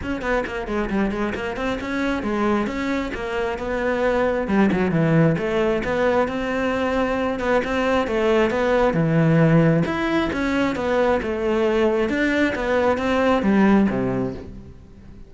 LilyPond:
\new Staff \with { instrumentName = "cello" } { \time 4/4 \tempo 4 = 134 cis'8 b8 ais8 gis8 g8 gis8 ais8 c'8 | cis'4 gis4 cis'4 ais4 | b2 g8 fis8 e4 | a4 b4 c'2~ |
c'8 b8 c'4 a4 b4 | e2 e'4 cis'4 | b4 a2 d'4 | b4 c'4 g4 c4 | }